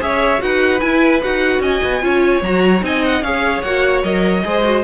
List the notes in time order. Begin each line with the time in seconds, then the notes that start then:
0.00 C#4 G#4 C#5 E5
0.38 D#4 F#4 B4 F#5
0.80 E4 G#5
1.22 D#4 F#4 F#5
1.59 C#4 D#5 G#5
1.83 B3
2.01 C#4 F4 C#5
2.42 F#3 F#4 A#5
2.81 C4 D#4 D#5 G#5
3.05 F#5
3.22 C#4 G#4 C#5 F5
3.62 A#3 F#4 F#5
4.03 F#3 A#4 D#5
4.43 G#3 G#4 C5
4.64 F#4